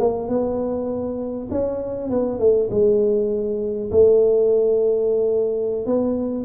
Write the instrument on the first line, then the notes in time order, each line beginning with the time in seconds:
tuba
0.00 A#3
0.29 B3
1.51 C#4
2.11 B3
2.39 A3
2.71 G#3
3.91 A3
5.86 B3